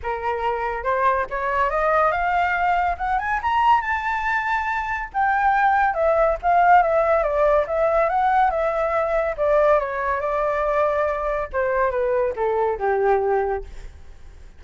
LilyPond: \new Staff \with { instrumentName = "flute" } { \time 4/4 \tempo 4 = 141 ais'2 c''4 cis''4 | dis''4 f''2 fis''8 gis''8 | ais''4 a''2. | g''2 e''4 f''4 |
e''4 d''4 e''4 fis''4 | e''2 d''4 cis''4 | d''2. c''4 | b'4 a'4 g'2 | }